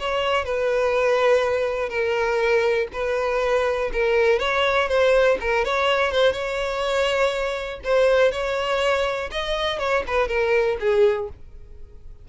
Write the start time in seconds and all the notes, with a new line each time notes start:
0.00 C#5
0.45 B4
1.90 A#4
2.93 B4
3.93 A#4
4.39 C#5
4.89 C5
5.41 A#4
5.65 C#5
6.12 C5
6.33 C#5
7.84 C5
8.32 C#5
9.32 D#5
9.79 C#5
10.08 B4
10.28 A#4
10.80 G#4